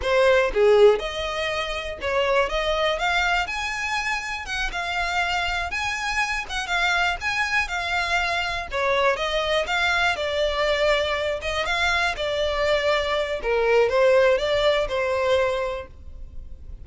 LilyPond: \new Staff \with { instrumentName = "violin" } { \time 4/4 \tempo 4 = 121 c''4 gis'4 dis''2 | cis''4 dis''4 f''4 gis''4~ | gis''4 fis''8 f''2 gis''8~ | gis''4 fis''8 f''4 gis''4 f''8~ |
f''4. cis''4 dis''4 f''8~ | f''8 d''2~ d''8 dis''8 f''8~ | f''8 d''2~ d''8 ais'4 | c''4 d''4 c''2 | }